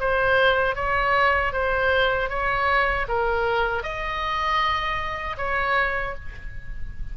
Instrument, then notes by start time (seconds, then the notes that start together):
oboe
0.00 C5
0.76 C#5
1.52 C5
2.30 C#5
3.08 A#4
3.83 D#5
5.38 C#5